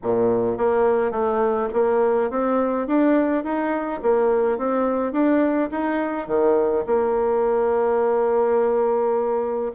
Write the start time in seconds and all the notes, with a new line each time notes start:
0.02 A#2
0.57 A#3
1.11 A3
1.73 A#3
2.30 C4
2.87 D4
3.43 D#4
4.02 A#3
4.58 C4
5.12 D4
5.71 D#4
6.27 D#3
6.86 A#3